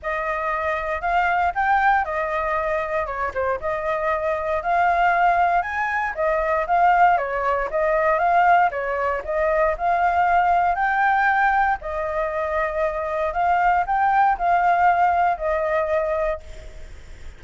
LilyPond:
\new Staff \with { instrumentName = "flute" } { \time 4/4 \tempo 4 = 117 dis''2 f''4 g''4 | dis''2 cis''8 c''8 dis''4~ | dis''4 f''2 gis''4 | dis''4 f''4 cis''4 dis''4 |
f''4 cis''4 dis''4 f''4~ | f''4 g''2 dis''4~ | dis''2 f''4 g''4 | f''2 dis''2 | }